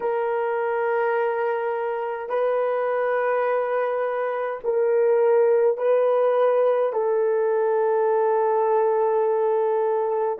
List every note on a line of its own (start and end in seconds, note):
0.00 2.29 A#4
2.29 4.59 B4
4.64 5.77 A#4
5.77 6.92 B4
6.92 10.38 A4